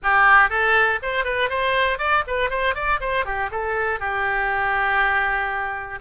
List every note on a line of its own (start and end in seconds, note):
0.02 0.49 G4
0.49 0.99 A4
1.02 1.24 C5
1.24 1.49 B4
1.49 1.98 C5
1.98 2.23 D5
2.27 2.50 B4
2.50 2.75 C5
2.75 3.00 D5
3.00 3.25 C5
3.25 3.50 G4
3.51 3.99 A4
3.99 5.99 G4